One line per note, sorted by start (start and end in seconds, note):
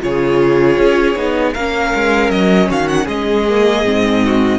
0.00 0.77 C#3
0.00 1.15 F4
0.00 1.53 G#4
0.00 1.54 C#5
0.77 1.15 C#4
1.15 1.54 B3
1.15 1.54 D#4
1.53 1.93 A#3
1.53 3.49 C#4
1.53 2.69 A#4
1.53 2.30 F5
1.94 2.29 G#3
2.29 2.68 F#3
2.29 2.69 D#5
2.69 3.07 D#3
2.69 3.05 F#4
2.69 2.87 F5
2.87 3.07 F#5
3.05 3.83 G#3
3.05 4.21 G#4
3.05 4.59 D#5
3.49 3.85 A#3
3.84 4.59 G#2
3.84 4.59 C4
4.25 4.59 F#4